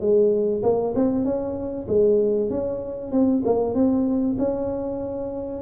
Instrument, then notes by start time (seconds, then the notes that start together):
tuba
0.00 G#3
0.62 A#3
0.95 C4
1.24 C#4
1.88 G#3
2.50 C#4
3.11 C4
3.45 A#3
3.74 C4
4.38 C#4